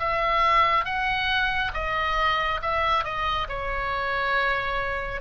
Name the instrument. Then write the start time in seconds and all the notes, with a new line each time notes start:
oboe
0.00 E5
0.85 F#5
1.74 D#5
2.62 E5
3.04 D#5
3.49 C#5